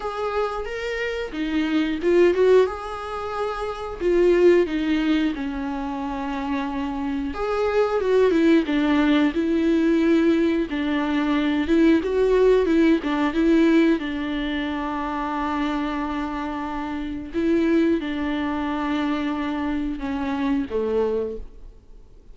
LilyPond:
\new Staff \with { instrumentName = "viola" } { \time 4/4 \tempo 4 = 90 gis'4 ais'4 dis'4 f'8 fis'8 | gis'2 f'4 dis'4 | cis'2. gis'4 | fis'8 e'8 d'4 e'2 |
d'4. e'8 fis'4 e'8 d'8 | e'4 d'2.~ | d'2 e'4 d'4~ | d'2 cis'4 a4 | }